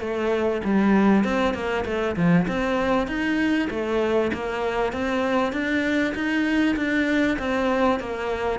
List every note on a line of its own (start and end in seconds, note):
0.00 0.61 A3
0.64 1.24 G3
1.24 1.54 C4
1.54 1.84 A#3
1.85 2.15 A3
2.16 2.46 F3
2.48 3.07 C4
3.07 3.68 D#4
3.70 4.31 A3
4.33 4.92 A#3
4.92 5.52 C4
5.52 6.14 D4
6.14 6.76 D#4
6.76 7.37 D4
7.38 7.99 C4
8.00 8.59 A#3